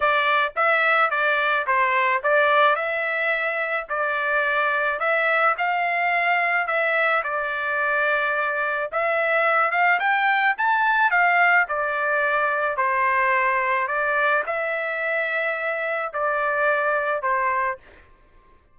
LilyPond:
\new Staff \with { instrumentName = "trumpet" } { \time 4/4 \tempo 4 = 108 d''4 e''4 d''4 c''4 | d''4 e''2 d''4~ | d''4 e''4 f''2 | e''4 d''2. |
e''4. f''8 g''4 a''4 | f''4 d''2 c''4~ | c''4 d''4 e''2~ | e''4 d''2 c''4 | }